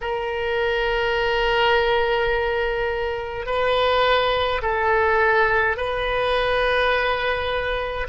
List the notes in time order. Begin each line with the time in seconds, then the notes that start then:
0.01 A#4
3.46 B4
4.62 A4
5.76 B4